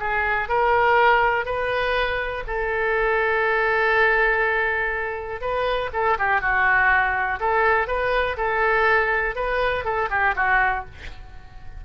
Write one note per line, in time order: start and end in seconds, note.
0.00 0.49 G#4
0.49 1.46 A#4
1.46 2.44 B4
2.47 5.41 A4
5.41 5.90 B4
5.93 6.17 A4
6.19 6.41 G4
6.41 7.39 F#4
7.40 7.88 A4
7.88 8.37 B4
8.37 9.36 A4
9.36 9.85 B4
9.85 10.09 A4
10.10 10.35 G4
10.36 10.85 F#4